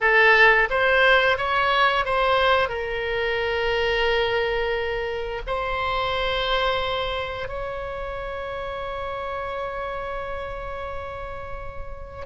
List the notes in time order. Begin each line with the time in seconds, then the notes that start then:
0.00 A4
0.69 C5
1.37 C#5
2.05 C5
2.68 A#4
5.47 C5
7.48 C#5